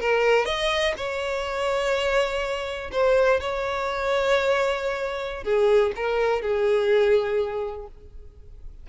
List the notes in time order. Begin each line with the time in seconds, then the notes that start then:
0.00 A#4
0.45 D#5
0.97 C#5
2.92 C5
3.40 C#5
5.43 G#4
5.96 A#4
6.42 G#4